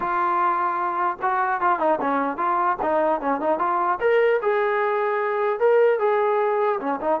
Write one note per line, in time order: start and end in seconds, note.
0.00 1.17 F4
1.22 1.61 F#4
1.61 1.79 F4
1.79 1.99 D#4
2.00 2.37 C#4
2.37 2.77 F4
2.82 3.20 D#4
3.20 3.40 C#4
3.40 3.58 D#4
3.58 3.98 F4
4.00 4.40 A#4
4.42 5.59 G#4
5.59 5.99 A#4
5.99 6.79 G#4
6.79 6.99 C#4
7.01 7.20 D#4